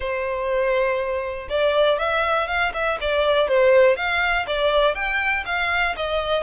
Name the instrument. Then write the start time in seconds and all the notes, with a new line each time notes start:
violin
0.00 C5
1.49 D5
1.98 E5
2.47 F5
2.73 E5
3.00 D5
3.48 C5
3.96 F5
4.46 D5
4.94 G5
5.45 F5
5.96 D#5